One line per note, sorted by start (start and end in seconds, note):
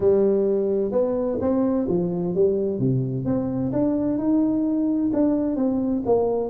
0.00 0.91 G3
0.91 1.38 B3
1.40 1.87 C4
1.88 2.34 F3
2.35 2.79 G3
2.79 3.25 C3
3.25 3.71 C4
3.72 4.18 D4
4.18 5.11 D#4
5.13 5.56 D4
5.56 6.02 C4
6.05 6.49 A#3